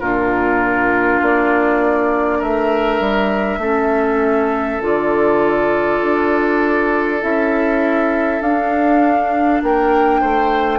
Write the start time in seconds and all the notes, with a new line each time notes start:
0.00 A#2 D4 F4 A#4
1.22 A#3 D5
2.39 A3 A#4 E5
3.00 G3
3.58 A3 C#4 A4
4.81 D3 F4 D5
6.02 D4
7.21 C#4 E4 E5
8.41 D4 F5
9.62 A#3 A#4 G5
10.21 A3 C5